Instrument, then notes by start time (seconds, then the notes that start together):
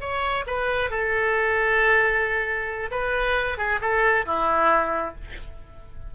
oboe
0.00 C#5
0.46 B4
0.90 A4
2.91 B4
3.58 G#4
3.81 A4
4.26 E4